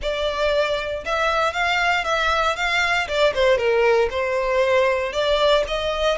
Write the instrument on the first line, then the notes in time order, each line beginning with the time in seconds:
violin
0.01 D5
1.05 E5
1.53 F5
2.04 E5
2.56 F5
3.07 D5
3.34 C5
3.57 A#4
4.10 C5
5.12 D5
5.67 D#5